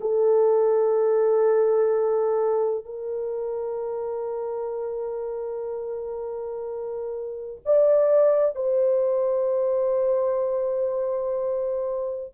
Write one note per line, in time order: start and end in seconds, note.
0.00 2.85 A4
2.85 7.61 A#4
7.65 8.55 D5
8.55 12.34 C5